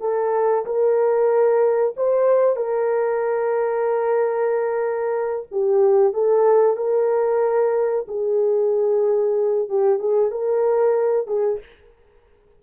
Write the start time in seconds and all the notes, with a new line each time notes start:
0.00 A4
0.65 A#4
1.96 C5
2.56 A#4
5.51 G4
6.13 A4
6.76 A#4
8.07 G#4
9.69 G4
9.99 G#4
10.31 A#4
11.27 G#4